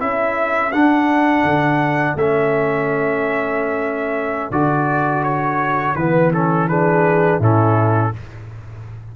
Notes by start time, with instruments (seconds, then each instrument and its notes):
0.00 tuba C#4, trombone E4, horn A4, trumpet E5
0.72 tuba D4, trombone D4, trumpet F#5
1.44 tuba D3
2.16 tuba A3, trombone C#4, trumpet E5
4.51 tuba D3, trombone F#4, trumpet D5
5.24 trumpet C#5
5.95 tuba E3, trombone B3, trumpet B4
6.34 trombone C#4, trumpet A4
6.68 trombone D4, horn G#4, trumpet B4
7.40 tuba A2, trombone C#4, horn E4, trumpet A4